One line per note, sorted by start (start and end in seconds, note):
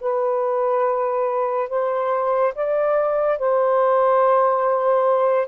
0.00 1.69 B4
1.69 2.53 C5
2.54 3.38 D5
3.38 5.47 C5